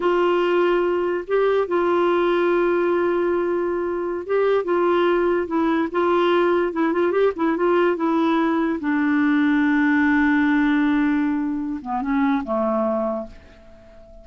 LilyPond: \new Staff \with { instrumentName = "clarinet" } { \time 4/4 \tempo 4 = 145 f'2. g'4 | f'1~ | f'2~ f'16 g'4 f'8.~ | f'4~ f'16 e'4 f'4.~ f'16~ |
f'16 e'8 f'8 g'8 e'8 f'4 e'8.~ | e'4~ e'16 d'2~ d'8.~ | d'1~ | d'8 b8 cis'4 a2 | }